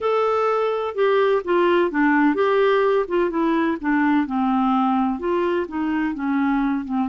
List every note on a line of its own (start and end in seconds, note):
0.01 0.94 A4
0.94 1.42 G4
1.44 1.90 F4
1.90 2.35 D4
2.35 3.05 G4
3.08 3.30 F4
3.30 3.77 E4
3.80 4.26 D4
4.26 5.19 C4
5.19 5.66 F4
5.68 6.14 D#4
6.14 6.84 C#4
6.84 7.08 C4